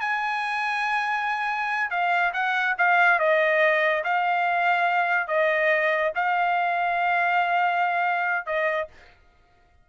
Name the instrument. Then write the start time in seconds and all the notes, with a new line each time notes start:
trumpet
0.00 G#5
1.90 F5
2.33 F#5
2.78 F5
3.19 D#5
4.04 F5
5.27 D#5
6.15 F5
8.46 D#5